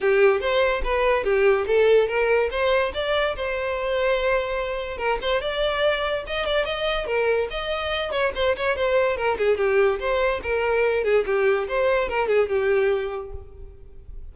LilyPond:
\new Staff \with { instrumentName = "violin" } { \time 4/4 \tempo 4 = 144 g'4 c''4 b'4 g'4 | a'4 ais'4 c''4 d''4 | c''1 | ais'8 c''8 d''2 dis''8 d''8 |
dis''4 ais'4 dis''4. cis''8 | c''8 cis''8 c''4 ais'8 gis'8 g'4 | c''4 ais'4. gis'8 g'4 | c''4 ais'8 gis'8 g'2 | }